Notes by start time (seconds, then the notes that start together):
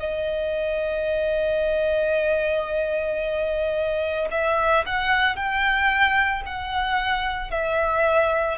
0.00 D#5
4.31 E5
4.87 F#5
5.36 G5
6.46 F#5
7.51 E5